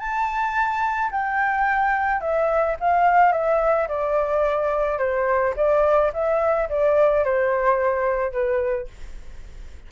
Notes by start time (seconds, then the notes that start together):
0.00 A5
1.11 G5
2.21 E5
2.81 F5
3.33 E5
3.88 D5
4.99 C5
5.57 D5
6.14 E5
6.70 D5
7.25 C5
8.32 B4